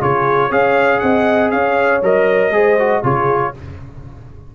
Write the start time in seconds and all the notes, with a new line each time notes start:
0.00 C#3 F4 G#4 C#5
0.47 C#4 G#4 C#5 F5
0.99 C4 D#5 F#5
1.50 C#4 C#5 F5
2.01 F#3 A#4 D#5
2.50 G#3 G#4 C5
2.79 F#4
3.02 C#3 F4 G#4 C#5